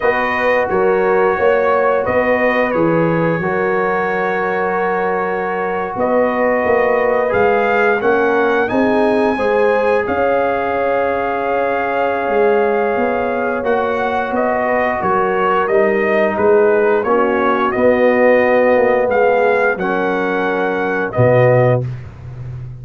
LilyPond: <<
  \new Staff \with { instrumentName = "trumpet" } { \time 4/4 \tempo 4 = 88 dis''4 cis''2 dis''4 | cis''1~ | cis''8. dis''2 f''4 fis''16~ | fis''8. gis''2 f''4~ f''16~ |
f''1 | fis''4 dis''4 cis''4 dis''4 | b'4 cis''4 dis''2 | f''4 fis''2 dis''4 | }
  \new Staff \with { instrumentName = "horn" } { \time 4/4 b'4 ais'4 cis''4 b'4~ | b'4 ais'2.~ | ais'8. b'2. ais'16~ | ais'8. gis'4 c''4 cis''4~ cis''16~ |
cis''1~ | cis''4. b'8 ais'2 | gis'4 fis'2. | gis'4 ais'2 fis'4 | }
  \new Staff \with { instrumentName = "trombone" } { \time 4/4 fis'1 | gis'4 fis'2.~ | fis'2~ fis'8. gis'4 cis'16~ | cis'8. dis'4 gis'2~ gis'16~ |
gis'1 | fis'2. dis'4~ | dis'4 cis'4 b2~ | b4 cis'2 b4 | }
  \new Staff \with { instrumentName = "tuba" } { \time 4/4 b4 fis4 ais4 b4 | e4 fis2.~ | fis8. b4 ais4 gis4 ais16~ | ais8. c'4 gis4 cis'4~ cis'16~ |
cis'2 gis4 b4 | ais4 b4 fis4 g4 | gis4 ais4 b4. ais8 | gis4 fis2 b,4 | }
>>